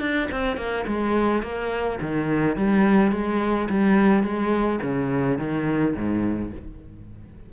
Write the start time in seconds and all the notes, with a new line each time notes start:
0.00 D4
0.31 C4
0.57 A#3
0.87 G#3
1.42 A#3
2.01 D#3
2.57 G3
3.12 G#3
3.69 G3
4.23 G#3
4.82 C#3
5.38 D#3
5.95 G#2